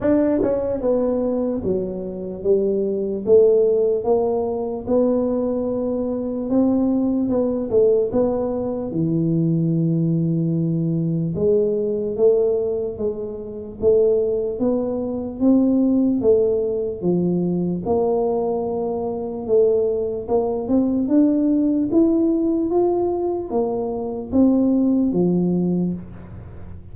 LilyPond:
\new Staff \with { instrumentName = "tuba" } { \time 4/4 \tempo 4 = 74 d'8 cis'8 b4 fis4 g4 | a4 ais4 b2 | c'4 b8 a8 b4 e4~ | e2 gis4 a4 |
gis4 a4 b4 c'4 | a4 f4 ais2 | a4 ais8 c'8 d'4 e'4 | f'4 ais4 c'4 f4 | }